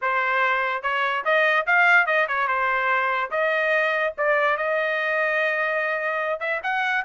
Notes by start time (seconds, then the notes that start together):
0.01 C5
0.82 C#5
1.24 D#5
1.66 F5
2.06 D#5
2.28 C#5
2.47 C5
3.30 D#5
4.17 D5
4.57 D#5
6.39 E5
6.63 F#5